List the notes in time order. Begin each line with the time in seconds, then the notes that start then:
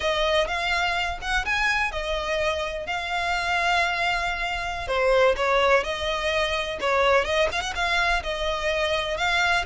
0.00 D#5
0.47 F5
1.21 F#5
1.45 G#5
1.91 D#5
2.86 F5
4.87 C5
5.36 C#5
5.83 D#5
6.80 C#5
7.24 D#5
7.52 F5
7.61 F#5
7.75 F5
8.23 D#5
9.17 F5